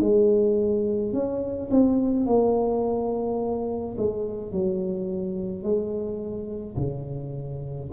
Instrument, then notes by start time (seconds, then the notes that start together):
tuba
0.00 G#3
1.13 C#4
1.71 C4
2.26 A#3
3.98 G#3
4.52 F#3
5.63 G#3
6.77 C#3